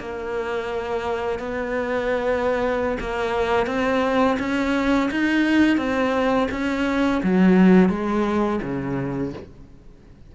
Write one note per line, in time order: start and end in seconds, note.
0.00 1.40 A#3
1.40 2.98 B3
3.00 3.67 A#3
3.67 4.38 C4
4.40 5.10 C#4
5.11 5.78 D#4
5.78 6.48 C4
6.51 7.22 C#4
7.24 7.90 F#3
7.90 8.60 G#3
8.63 9.34 C#3